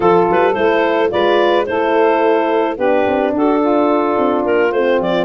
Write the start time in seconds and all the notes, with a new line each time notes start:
0.00 F3 F4 A4
0.28 G3 B4
0.54 A3 E4 C5
1.09 G#3 F4 B4 D5
1.65 A3 E4 A4 C5
2.76 B3 D4 G4 B4
3.06 C4
3.33 D4 F#4 A4
3.60 F4
4.17 C4
4.44 A#3 A#4
4.71 A3 C4 C5
5.00 F3 D5